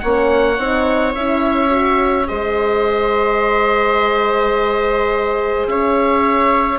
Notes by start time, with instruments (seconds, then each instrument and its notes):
0.00 bassoon A#3, horn C#4, viola C#5, oboe F#5
0.58 bassoon C4, horn D#4
1.15 bassoon C#4, horn E4, oboe E5
1.69 horn F#4
2.27 bassoon G#3, horn G#4, viola C5, oboe D#5
5.67 bassoon C#4, viola C#5, oboe E5